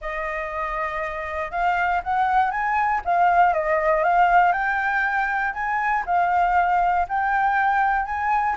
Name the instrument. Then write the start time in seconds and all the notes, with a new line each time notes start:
flute
0.01 D#5
1.51 F5
2.03 F#5
2.50 G#5
3.05 F5
3.53 D#5
4.03 F5
4.52 G5
5.53 G#5
6.06 F5
7.08 G5
8.05 G#5